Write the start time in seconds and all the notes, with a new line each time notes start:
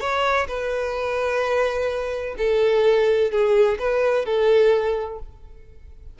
0.00 C#5
0.48 B4
2.38 A4
3.31 G#4
3.79 B4
4.25 A4